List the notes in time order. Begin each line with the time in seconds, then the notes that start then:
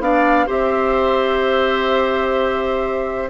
0.00 B3 D4 D5 F5
0.47 C4 G4 C5 E5